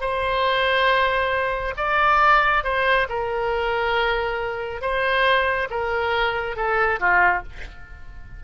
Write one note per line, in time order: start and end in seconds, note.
0.00 1.74 C5
1.77 2.63 D5
2.63 3.07 C5
3.09 4.81 A#4
4.81 5.68 C5
5.70 6.56 A#4
6.56 6.99 A4
6.99 7.43 F4